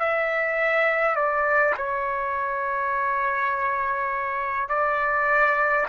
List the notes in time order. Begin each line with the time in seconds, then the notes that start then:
0.00 E5
1.16 D5
1.77 C#5
4.69 D5